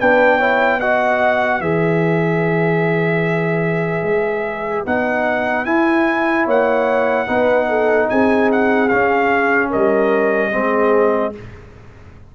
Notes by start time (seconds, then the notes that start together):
0.00 B3 D4 B4 G5
0.37 E4 C#5
0.80 F#4 D#5 F#5
1.60 E3 G#4 B4 E5
4.03 G#3
4.86 B3 D#4 F#5
5.65 E4 G#5
6.45 A#3 C#5 F#5
7.27 B3 D#4 B4
7.69 A4
8.09 C4 G#4 G#5
8.52 F#5
8.88 C#4 F5
9.70 G3 A#4 D#5
10.51 G#3 C4 G#4